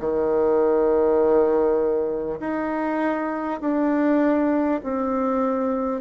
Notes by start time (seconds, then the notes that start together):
0.00 D#3
2.41 D#4
3.61 D4
4.83 C4